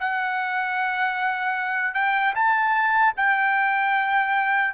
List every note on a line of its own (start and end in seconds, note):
0.00 1.94 F#5
1.94 2.34 G5
2.35 3.14 A5
3.17 4.74 G5